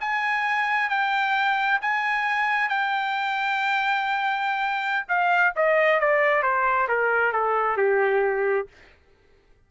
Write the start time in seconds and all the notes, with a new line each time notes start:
0.00 G#5
0.89 G5
1.81 G#5
2.69 G5
5.08 F5
5.55 D#5
6.00 D5
6.42 C5
6.88 A#4
7.32 A4
7.77 G4